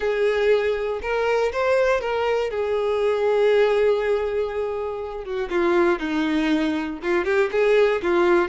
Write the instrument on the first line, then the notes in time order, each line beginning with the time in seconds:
violin
0.00 G#4
1.01 A#4
1.52 C5
2.00 A#4
2.50 G#4
5.24 F#4
5.50 F4
5.99 D#4
7.02 F4
7.25 G4
7.51 G#4
8.02 F4